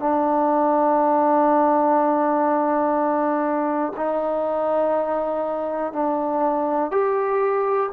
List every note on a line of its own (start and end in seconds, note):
0.00 3.93 D4
3.97 5.93 D#4
5.93 6.92 D4
6.92 7.90 G4